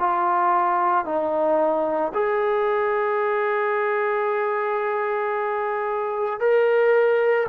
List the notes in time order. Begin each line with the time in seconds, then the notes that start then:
0.00 F4
1.06 D#4
2.14 G#4
6.40 A#4